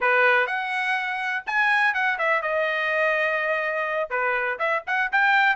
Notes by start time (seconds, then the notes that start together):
0.00 B4
0.46 F#5
1.46 G#5
1.94 F#5
2.18 E5
2.41 D#5
4.10 B4
4.58 E5
4.87 F#5
5.12 G5